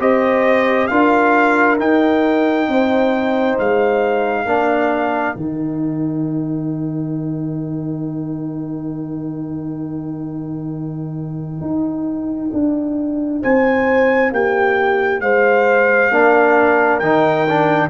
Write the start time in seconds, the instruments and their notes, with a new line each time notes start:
0.00 tuba C4, trombone G4, horn C5, trumpet D#5
0.87 tuba D4, trombone F4, horn A#4, trumpet F5
1.79 trombone D#4, tuba D#4, trumpet G5
2.69 tuba C4, horn C5
3.59 tuba G#3, trumpet F5
4.45 tuba A#3, trombone D4, horn A#4
5.35 tuba D#3, trombone D#4, trumpet G5
11.61 tuba D#4
12.54 tuba D4
13.42 tuba C4, horn C5, trumpet G#5
14.32 tuba A#3, horn G4, trumpet G5
15.21 tuba G#3, horn C5, trumpet F5
16.11 tuba A#3, trombone D4, horn A#4
17.00 tuba D#3, trombone D#4, trumpet G5
17.49 trombone D4